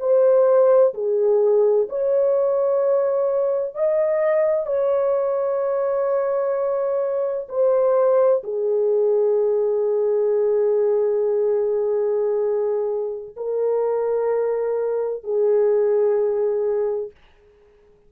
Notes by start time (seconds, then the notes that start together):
0.00 C5
0.95 G#4
1.90 C#5
3.75 D#5
4.67 C#5
7.49 C5
8.44 G#4
13.37 A#4
15.24 G#4